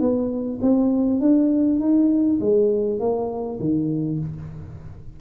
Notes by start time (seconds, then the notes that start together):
0.00 B3
0.62 C4
1.20 D4
1.80 D#4
2.40 G#3
3.00 A#3
3.60 D#3